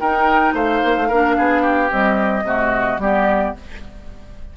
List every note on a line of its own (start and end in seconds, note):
0.00 0.54 D#4
0.00 1.10 D#4
0.00 0.55 A#4
0.00 0.55 G5
0.54 0.81 A3
0.54 1.09 C5
0.54 1.92 F5
0.85 0.97 A#3
0.97 1.11 A3
1.09 1.38 A#3
1.09 1.91 D4
1.09 1.36 A#4
1.38 1.91 B3
1.38 1.62 G#4
1.62 2.44 G4
1.91 2.45 G3
1.91 2.43 C4
1.91 3.01 D#5
2.43 2.98 C3
2.43 3.00 A3
2.43 3.02 F#4
2.98 3.53 G3
2.98 3.56 B3
2.98 3.56 G4
2.98 3.57 D5